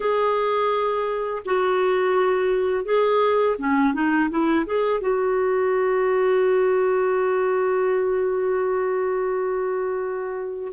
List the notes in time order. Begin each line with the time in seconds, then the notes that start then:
0.00 G#4
1.45 F#4
2.84 G#4
3.58 C#4
3.93 D#4
4.30 E4
4.66 G#4
5.00 F#4